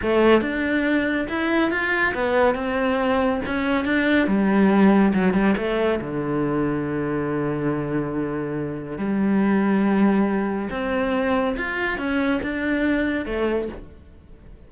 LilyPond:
\new Staff \with { instrumentName = "cello" } { \time 4/4 \tempo 4 = 140 a4 d'2 e'4 | f'4 b4 c'2 | cis'4 d'4 g2 | fis8 g8 a4 d2~ |
d1~ | d4 g2.~ | g4 c'2 f'4 | cis'4 d'2 a4 | }